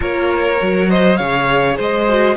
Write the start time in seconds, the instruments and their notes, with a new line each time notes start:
0.00 cello A#3, viola F4, violin A#4 C#5
0.60 cello F#3, viola F#4
0.88 violin C5 D#5
1.16 cello C#3, viola G#4, violin C#5 F5
1.76 cello G#3, violin C5 D#5
2.08 viola F#4